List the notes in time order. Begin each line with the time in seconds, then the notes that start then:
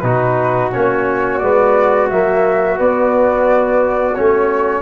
0.00 B2 D#4 F#4 B4
0.72 A#3 C#4 C#5
1.39 G#3 B3 D5
2.10 F#3 A#3 E5
2.76 B3 D5
4.15 A3 C#4 C#5